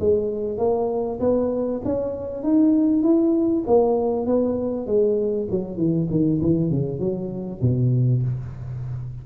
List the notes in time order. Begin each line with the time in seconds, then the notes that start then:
0.00 G#3
0.58 A#3
1.20 B3
1.85 C#4
2.43 D#4
3.03 E4
3.67 A#3
4.27 B3
4.87 G#3
5.51 F#3
5.77 E3
6.11 D#3
6.42 E3
6.71 C#3
7.00 F#3
7.62 B2